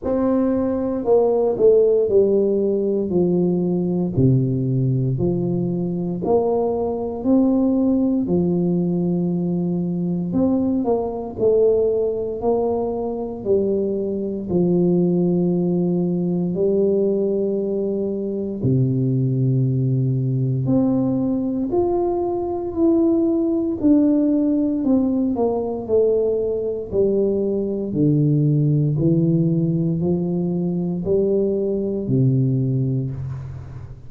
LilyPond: \new Staff \with { instrumentName = "tuba" } { \time 4/4 \tempo 4 = 58 c'4 ais8 a8 g4 f4 | c4 f4 ais4 c'4 | f2 c'8 ais8 a4 | ais4 g4 f2 |
g2 c2 | c'4 f'4 e'4 d'4 | c'8 ais8 a4 g4 d4 | e4 f4 g4 c4 | }